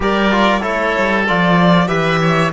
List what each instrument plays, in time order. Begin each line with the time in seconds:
0.00 cello G3, trombone G4, oboe A#4, violin D5
0.31 trombone F4
0.60 cello A3, trombone E4, oboe A4, violin C#5
0.97 cello G3
1.27 cello F3, trombone F4, violin D5
1.87 cello E3, trombone G4, oboe B4, violin E5
2.21 oboe C#5